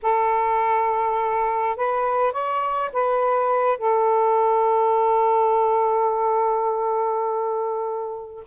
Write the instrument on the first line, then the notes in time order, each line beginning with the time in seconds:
saxophone
0.02 A4
1.76 B4
2.32 C#5
2.92 B4
3.77 A4